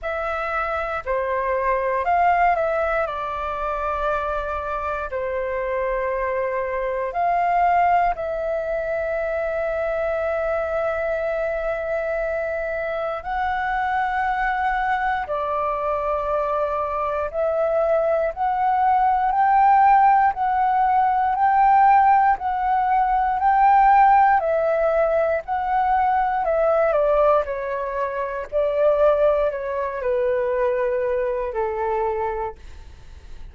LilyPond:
\new Staff \with { instrumentName = "flute" } { \time 4/4 \tempo 4 = 59 e''4 c''4 f''8 e''8 d''4~ | d''4 c''2 f''4 | e''1~ | e''4 fis''2 d''4~ |
d''4 e''4 fis''4 g''4 | fis''4 g''4 fis''4 g''4 | e''4 fis''4 e''8 d''8 cis''4 | d''4 cis''8 b'4. a'4 | }